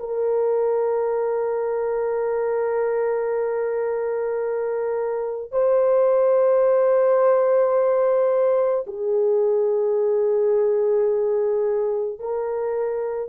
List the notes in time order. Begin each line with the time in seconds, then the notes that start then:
0.00 A#4
5.52 C5
8.87 G#4
12.20 A#4